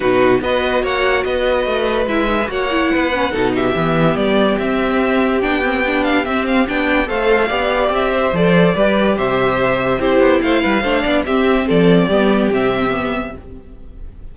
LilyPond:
<<
  \new Staff \with { instrumentName = "violin" } { \time 4/4 \tempo 4 = 144 b'4 dis''4 fis''4 dis''4~ | dis''4 e''4 fis''2~ | fis''8 e''4. d''4 e''4~ | e''4 g''4. f''8 e''8 f''8 |
g''4 f''2 e''4 | d''2 e''2 | c''4 f''2 e''4 | d''2 e''2 | }
  \new Staff \with { instrumentName = "violin" } { \time 4/4 fis'4 b'4 cis''4 b'4~ | b'2 cis''4 b'4 | a'8 g'2.~ g'8~ | g'1~ |
g'4 c''4 d''4. c''8~ | c''4 b'4 c''2 | g'4 c''8 b'8 c''8 d''8 g'4 | a'4 g'2. | }
  \new Staff \with { instrumentName = "viola" } { \time 4/4 dis'4 fis'2.~ | fis'4 e'8 dis'16 gis'16 fis'8 e'4 cis'8 | dis'4 b2 c'4~ | c'4 d'8 c'8 d'4 c'4 |
d'4 a'4 g'2 | a'4 g'2. | e'2 d'4 c'4~ | c'4 b4 c'4 b4 | }
  \new Staff \with { instrumentName = "cello" } { \time 4/4 b,4 b4 ais4 b4 | a4 gis4 ais4 b4 | b,4 e4 g4 c'4~ | c'4 b2 c'4 |
b4 a4 b4 c'4 | f4 g4 c2 | c'8 b8 a8 g8 a8 b8 c'4 | f4 g4 c2 | }
>>